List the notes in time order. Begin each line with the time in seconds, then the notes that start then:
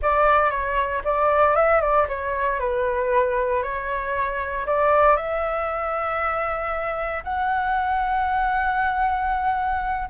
0.01 D5
0.50 C#5
1.04 D5
1.55 E5
1.81 D5
2.08 C#5
2.59 B4
3.62 C#5
4.66 D5
5.16 E5
7.24 F#5